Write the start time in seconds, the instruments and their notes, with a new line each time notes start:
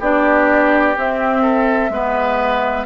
0.00 bassoon B3, clarinet D4, oboe G4, flute D5
0.96 clarinet C4, bassoon C4, flute E5
1.42 oboe A4
1.90 bassoon G#3, clarinet B3, oboe B4